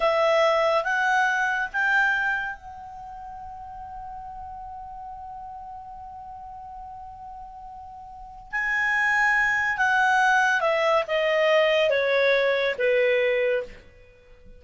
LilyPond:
\new Staff \with { instrumentName = "clarinet" } { \time 4/4 \tempo 4 = 141 e''2 fis''2 | g''2 fis''2~ | fis''1~ | fis''1~ |
fis''1 | gis''2. fis''4~ | fis''4 e''4 dis''2 | cis''2 b'2 | }